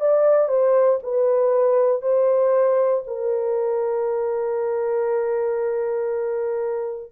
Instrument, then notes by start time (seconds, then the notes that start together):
horn
0.00 D5
0.48 C5
1.03 B4
2.02 C5
3.07 A#4